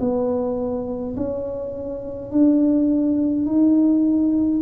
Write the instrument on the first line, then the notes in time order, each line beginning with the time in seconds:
tuba
0.00 B3
1.16 C#4
2.31 D4
3.46 D#4